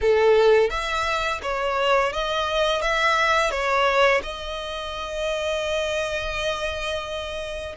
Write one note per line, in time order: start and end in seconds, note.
0.01 0.70 A4
0.70 1.40 E5
1.42 2.12 C#5
2.12 2.81 D#5
2.81 3.50 E5
3.50 4.21 C#5
4.22 7.75 D#5